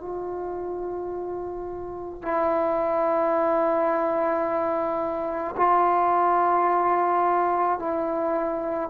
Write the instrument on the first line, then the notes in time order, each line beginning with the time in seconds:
trombone
0.00 F4
2.22 E4
5.57 F4
7.79 E4